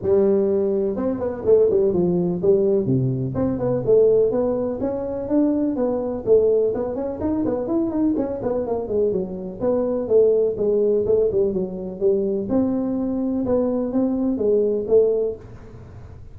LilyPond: \new Staff \with { instrumentName = "tuba" } { \time 4/4 \tempo 4 = 125 g2 c'8 b8 a8 g8 | f4 g4 c4 c'8 b8 | a4 b4 cis'4 d'4 | b4 a4 b8 cis'8 dis'8 b8 |
e'8 dis'8 cis'8 b8 ais8 gis8 fis4 | b4 a4 gis4 a8 g8 | fis4 g4 c'2 | b4 c'4 gis4 a4 | }